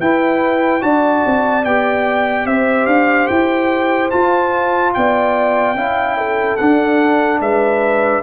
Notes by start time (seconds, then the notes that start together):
0.00 E4 B4 G5
0.81 D4 F#4 D5 A5
1.25 C4
1.65 B3 G4 G5
2.45 C4 C5 E5
2.86 D4 F5
3.27 E4 G5
4.10 F4 A5
4.94 B3 D5 G5
5.75 C#4 E4 F5
6.17 A4
6.57 D4 F#5
7.40 G#3 B4 E5